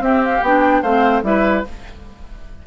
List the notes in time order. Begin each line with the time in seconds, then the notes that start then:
0.00 C4 G4 E5
0.25 F5
0.42 B3 D4 G5
0.82 A3 C4 C5 F5
1.23 G3 E4 B4 E5